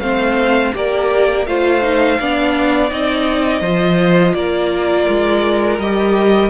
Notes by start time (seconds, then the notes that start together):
0.00 A3 C4 C5 F5
0.74 A#3 G4 A#4 D5
1.46 A3 F4 C5 F5
1.82 D#4
2.20 B3 D4 D5
2.91 C4 D#4 D#5
3.61 F3 F4 C5
4.34 A#3 A#4 D5
5.08 G#3
5.79 G3 G4 D#5